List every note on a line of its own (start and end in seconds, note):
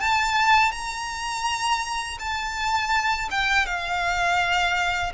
0.00 0.72 A5
0.72 2.18 A#5
2.19 3.29 A5
3.31 3.66 G5
3.66 5.12 F5